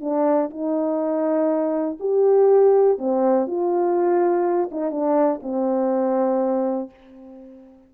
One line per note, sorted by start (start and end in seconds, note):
0.00 0.49 D4
0.50 1.97 D#4
1.99 2.98 G4
2.98 3.46 C4
3.46 4.69 F4
4.71 4.91 D#4
4.91 5.40 D4
5.42 6.90 C4